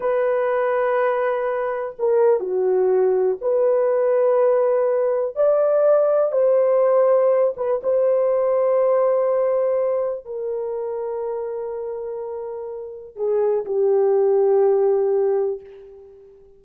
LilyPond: \new Staff \with { instrumentName = "horn" } { \time 4/4 \tempo 4 = 123 b'1 | ais'4 fis'2 b'4~ | b'2. d''4~ | d''4 c''2~ c''8 b'8 |
c''1~ | c''4 ais'2.~ | ais'2. gis'4 | g'1 | }